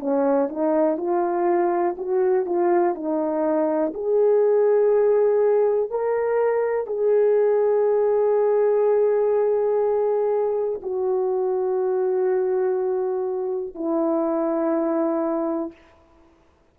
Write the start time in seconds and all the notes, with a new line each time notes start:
0.00 C#4
0.49 D#4
0.97 F4
1.98 F#4
2.46 F4
2.95 D#4
3.94 G#4
5.91 A#4
6.87 G#4
10.83 F#4
13.75 E4